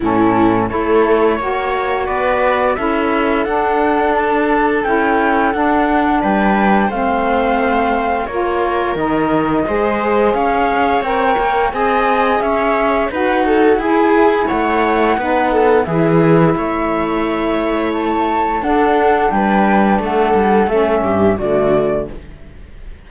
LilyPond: <<
  \new Staff \with { instrumentName = "flute" } { \time 4/4 \tempo 4 = 87 a'4 cis''2 d''4 | e''4 fis''4 a''4 g''4 | fis''4 g''4 f''2 | cis''4 dis''2 f''4 |
g''4 gis''4 e''4 fis''4 | gis''4 fis''2 e''4~ | e''2 a''4 fis''4 | g''4 fis''4 e''4 d''4 | }
  \new Staff \with { instrumentName = "viola" } { \time 4/4 e'4 a'4 cis''4 b'4 | a'1~ | a'4 b'4 c''2 | ais'2 c''4 cis''4~ |
cis''4 dis''4 cis''4 b'8 a'8 | gis'4 cis''4 b'8 a'8 gis'4 | cis''2. a'4 | b'4 a'4. g'8 fis'4 | }
  \new Staff \with { instrumentName = "saxophone" } { \time 4/4 cis'4 e'4 fis'2 | e'4 d'2 e'4 | d'2 c'2 | f'4 dis'4 gis'2 |
ais'4 gis'2 fis'4 | e'2 dis'4 e'4~ | e'2. d'4~ | d'2 cis'4 a4 | }
  \new Staff \with { instrumentName = "cello" } { \time 4/4 a,4 a4 ais4 b4 | cis'4 d'2 cis'4 | d'4 g4 a2 | ais4 dis4 gis4 cis'4 |
c'8 ais8 c'4 cis'4 dis'4 | e'4 a4 b4 e4 | a2. d'4 | g4 a8 g8 a8 g,8 d4 | }
>>